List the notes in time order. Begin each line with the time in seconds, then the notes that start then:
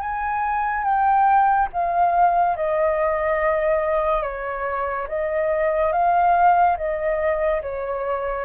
0.00 G#5
0.84 G5
1.73 F5
2.57 D#5
4.23 C#5
5.08 D#5
5.92 F5
6.77 D#5
7.62 C#5